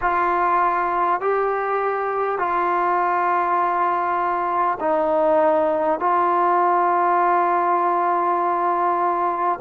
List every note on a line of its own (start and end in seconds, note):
0.01 1.21 F4
1.21 2.38 G4
2.38 4.78 F4
4.80 5.99 D#4
5.99 9.59 F4